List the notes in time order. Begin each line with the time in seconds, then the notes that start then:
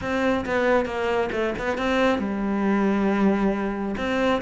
0.01 C4
0.45 B3
0.85 A#3
1.32 A3
1.58 B3
1.77 C4
2.18 G3
3.97 C4